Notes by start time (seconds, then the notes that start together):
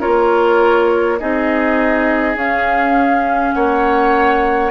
0.00 A#3 F4 A#4 C#5
1.19 C4 D#4 G#4 D#5
2.36 C#4 F5
3.53 A#3 C#5 F#5